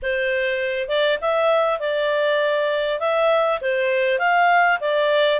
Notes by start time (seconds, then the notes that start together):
0.02 C5
0.88 D5
1.21 E5
1.79 D5
2.99 E5
3.61 C5
4.18 F5
4.80 D5